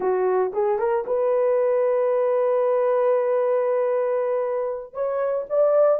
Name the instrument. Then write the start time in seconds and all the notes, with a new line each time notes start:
horn
0.00 F#4
0.53 G#4
0.78 A#4
1.06 B4
4.93 C#5
5.49 D5